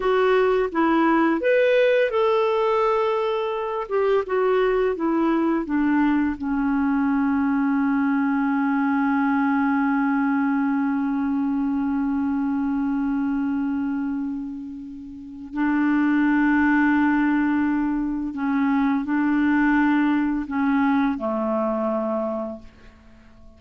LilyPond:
\new Staff \with { instrumentName = "clarinet" } { \time 4/4 \tempo 4 = 85 fis'4 e'4 b'4 a'4~ | a'4. g'8 fis'4 e'4 | d'4 cis'2.~ | cis'1~ |
cis'1~ | cis'2 d'2~ | d'2 cis'4 d'4~ | d'4 cis'4 a2 | }